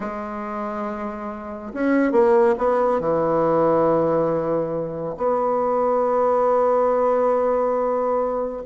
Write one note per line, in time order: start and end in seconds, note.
0.00 1.72 G#3
1.73 2.12 C#4
2.12 2.55 A#3
2.58 3.00 B3
3.00 5.15 E3
5.17 8.62 B3